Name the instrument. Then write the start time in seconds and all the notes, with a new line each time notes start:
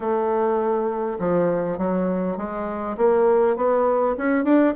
bassoon
0.00 A3
1.19 F3
1.77 F#3
2.37 G#3
2.97 A#3
3.56 B3
4.17 C#4
4.44 D4